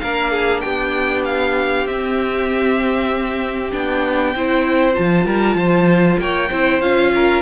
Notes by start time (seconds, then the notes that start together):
0.00 A#3 D4 A#4 F5
0.31 G#4
0.61 B3 G4 G5
1.25 F5
1.86 C4 E5
3.72 B3 D4 G5
4.35 C4 E4 C5
4.93 F3 F4 A5
5.25 G3 A#4
5.55 F3 C5
6.19 A#3 C#5 G5
6.50 C4 E4 C5
6.81 C#4 F4 F5
7.15 A#4